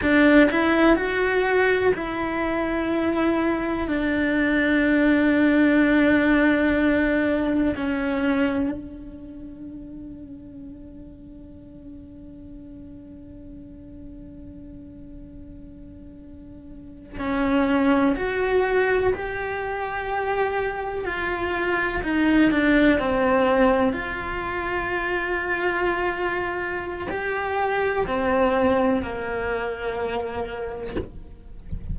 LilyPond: \new Staff \with { instrumentName = "cello" } { \time 4/4 \tempo 4 = 62 d'8 e'8 fis'4 e'2 | d'1 | cis'4 d'2.~ | d'1~ |
d'4.~ d'16 cis'4 fis'4 g'16~ | g'4.~ g'16 f'4 dis'8 d'8 c'16~ | c'8. f'2.~ f'16 | g'4 c'4 ais2 | }